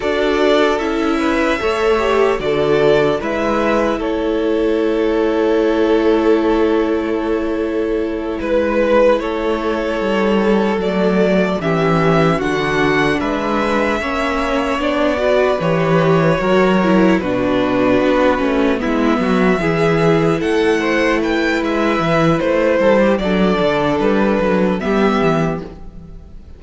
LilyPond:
<<
  \new Staff \with { instrumentName = "violin" } { \time 4/4 \tempo 4 = 75 d''4 e''2 d''4 | e''4 cis''2.~ | cis''2~ cis''8 b'4 cis''8~ | cis''4. d''4 e''4 fis''8~ |
fis''8 e''2 d''4 cis''8~ | cis''4. b'2 e''8~ | e''4. fis''4 g''8 e''4 | c''4 d''4 b'4 e''4 | }
  \new Staff \with { instrumentName = "violin" } { \time 4/4 a'4. b'8 cis''4 a'4 | b'4 a'2.~ | a'2~ a'8 b'4 a'8~ | a'2~ a'8 g'4 fis'8~ |
fis'8 b'4 cis''4. b'4~ | b'8 ais'4 fis'2 e'8 | fis'8 gis'4 a'8 c''8 b'4.~ | b'8 a'16 g'16 a'2 g'4 | }
  \new Staff \with { instrumentName = "viola" } { \time 4/4 fis'4 e'4 a'8 g'8 fis'4 | e'1~ | e'1~ | e'4. a4 cis'4 d'8~ |
d'4. cis'4 d'8 fis'8 g'8~ | g'8 fis'8 e'8 d'4. cis'8 b8~ | b8 e'2.~ e'8~ | e'4 d'2 b4 | }
  \new Staff \with { instrumentName = "cello" } { \time 4/4 d'4 cis'4 a4 d4 | gis4 a2.~ | a2~ a8 gis4 a8~ | a8 g4 fis4 e4 d8~ |
d8 gis4 ais4 b4 e8~ | e8 fis4 b,4 b8 a8 gis8 | fis8 e4 a4. gis8 e8 | a8 g8 fis8 d8 g8 fis8 g8 e8 | }
>>